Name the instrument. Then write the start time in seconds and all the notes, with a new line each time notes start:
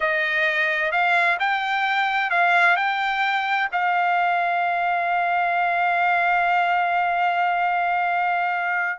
trumpet
0.00 D#5
0.91 F5
1.39 G5
2.30 F5
2.76 G5
3.72 F5